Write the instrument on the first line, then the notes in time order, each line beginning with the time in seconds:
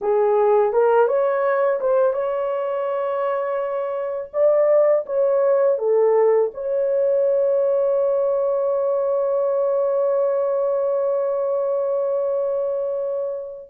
horn
0.01 G#4
0.72 A#4
1.07 C#5
1.80 C5
2.13 C#5
4.33 D5
5.06 C#5
5.78 A4
6.54 C#5